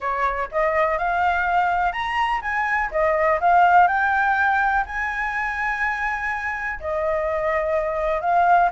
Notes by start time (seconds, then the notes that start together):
0.00 C#5
0.51 D#5
0.98 F5
1.92 A#5
2.41 G#5
2.91 D#5
3.40 F5
3.87 G5
4.85 G#5
6.80 D#5
8.21 F5